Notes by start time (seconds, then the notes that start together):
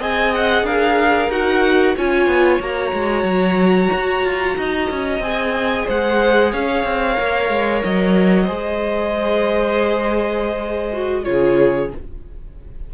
0.00 C4 G#4 D#5 G#5
0.35 F#5
0.63 D4 A#4 F5
1.29 D#4 F#4 F#5
1.96 C#4 F4 C#5 G#5
2.27 B3
2.60 A#3 F#4 A#5
2.93 G#3
3.24 F#3
3.93 F#4
4.25 F4
4.58 D#4 D#5
4.91 C#4
5.20 C4 G#4 G#5
5.87 G#3 C5 F#5
6.52 C#4 C#5 F5
6.84 C4
7.15 A#3 A#4
7.50 G#3
7.84 F#3 D#5
8.45 G#3 G#4 C5
10.93 F#4
11.24 C#3 F4 G#4 C#5